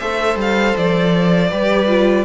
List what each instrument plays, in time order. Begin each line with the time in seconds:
0.00 cello A3, viola A4, violin C5 E5
0.36 cello G3, violin F5
0.77 cello F3, violin D5
1.50 cello G3, viola G4, violin B4
1.88 viola F4